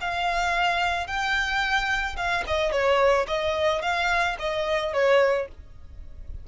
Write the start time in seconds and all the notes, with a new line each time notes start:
0.00 F5
1.07 G5
2.16 F5
2.47 D#5
2.71 C#5
3.27 D#5
3.82 F5
4.38 D#5
4.93 C#5